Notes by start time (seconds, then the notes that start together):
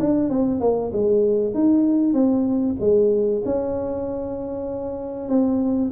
0.00 D4
0.30 C4
0.61 A#3
0.93 G#3
1.54 D#4
2.14 C4
2.80 G#3
3.45 C#4
5.29 C4